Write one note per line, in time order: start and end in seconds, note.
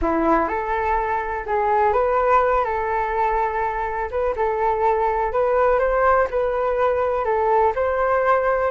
0.01 0.48 E4
0.48 1.44 A4
1.46 1.92 G#4
1.92 2.64 B4
2.64 4.09 A4
4.10 4.34 B4
4.36 5.32 A4
5.32 5.79 B4
5.79 6.27 C5
6.30 7.24 B4
7.24 7.73 A4
7.75 8.71 C5